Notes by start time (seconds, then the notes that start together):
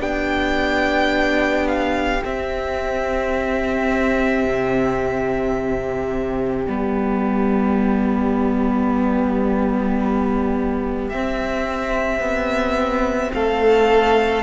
0.00 B3 D4 G4 G5
1.68 F5
2.23 C4 E5
4.44 C3
6.67 G3 B3 D5
11.10 C4 E5
12.20 B3
13.34 A3 A4 F5